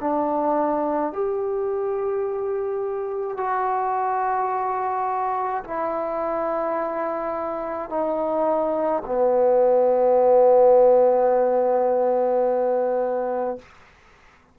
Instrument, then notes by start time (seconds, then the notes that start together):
trombone
0.00 D4
1.12 G4
3.37 F#4
5.64 E4
7.89 D#4
9.06 B3